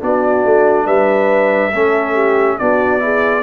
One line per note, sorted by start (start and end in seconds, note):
0.00 0.44 B3
0.00 1.71 D4
0.00 0.85 F#4
0.00 0.86 D5
0.44 0.86 A3
0.85 1.72 G3
0.85 1.71 B4
0.85 2.58 E5
1.72 2.58 A3
1.72 2.60 C#4
1.72 2.13 A4
2.13 2.56 G4
2.58 3.43 B3
2.58 2.99 D4
2.58 3.03 F#4
2.58 3.43 D5
2.99 3.42 E4
2.99 3.43 G#4